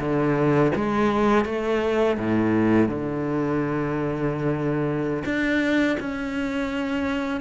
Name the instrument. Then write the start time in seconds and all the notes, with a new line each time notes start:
cello
0.00 D3
0.76 G#3
1.46 A3
2.18 A2
2.89 D3
5.25 D4
6.00 C#4